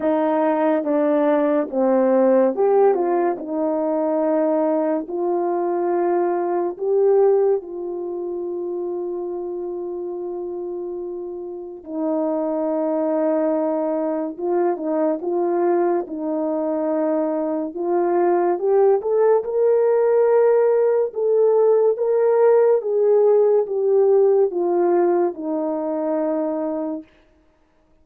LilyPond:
\new Staff \with { instrumentName = "horn" } { \time 4/4 \tempo 4 = 71 dis'4 d'4 c'4 g'8 f'8 | dis'2 f'2 | g'4 f'2.~ | f'2 dis'2~ |
dis'4 f'8 dis'8 f'4 dis'4~ | dis'4 f'4 g'8 a'8 ais'4~ | ais'4 a'4 ais'4 gis'4 | g'4 f'4 dis'2 | }